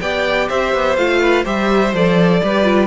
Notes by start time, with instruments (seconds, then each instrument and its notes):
0.00 cello B3, viola G4, violin D5 G5
0.48 cello C4, violin C5 E5
0.73 cello B3
0.96 cello A3, viola F4, violin F5
1.20 violin B4
1.43 cello G3, viola G4, violin C5 E5
1.93 cello F3, viola A4, violin D5
2.42 cello G3, viola G4, violin B4
2.63 viola F4